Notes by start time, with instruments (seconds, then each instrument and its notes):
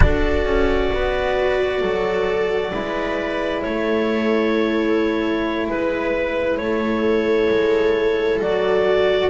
0.00 double bass D4, cello F#4, viola A4, clarinet D5
0.45 double bass C#4
0.92 double bass B3, viola B4
1.80 double bass F#3, viola A4
2.71 double bass G#3, cello E4, viola B4
3.62 double bass A3, viola A4, clarinet C#5
5.67 double bass G#3, clarinet B4, viola B4
6.57 double bass A3, viola A4, clarinet C#5
7.49 double bass G#3
8.41 double bass F#3, cello F#4, clarinet D5